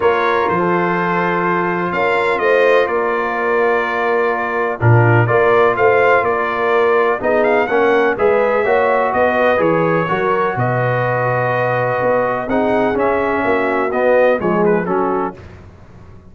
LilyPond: <<
  \new Staff \with { instrumentName = "trumpet" } { \time 4/4 \tempo 4 = 125 cis''4 c''2. | f''4 dis''4 d''2~ | d''2 ais'4 d''4 | f''4 d''2 dis''8 f''8 |
fis''4 e''2 dis''4 | cis''2 dis''2~ | dis''2 fis''4 e''4~ | e''4 dis''4 cis''8 b'8 a'4 | }
  \new Staff \with { instrumentName = "horn" } { \time 4/4 ais'4~ ais'16 a'2~ a'8. | ais'4 c''4 ais'2~ | ais'2 f'4 ais'4 | c''4 ais'2 gis'4 |
ais'4 b'4 cis''4 b'4~ | b'4 ais'4 b'2~ | b'2 gis'2 | fis'2 gis'4 fis'4 | }
  \new Staff \with { instrumentName = "trombone" } { \time 4/4 f'1~ | f'1~ | f'2 d'4 f'4~ | f'2. dis'4 |
cis'4 gis'4 fis'2 | gis'4 fis'2.~ | fis'2 dis'4 cis'4~ | cis'4 b4 gis4 cis'4 | }
  \new Staff \with { instrumentName = "tuba" } { \time 4/4 ais4 f2. | cis'4 a4 ais2~ | ais2 ais,4 ais4 | a4 ais2 b4 |
ais4 gis4 ais4 b4 | e4 fis4 b,2~ | b,4 b4 c'4 cis'4 | ais4 b4 f4 fis4 | }
>>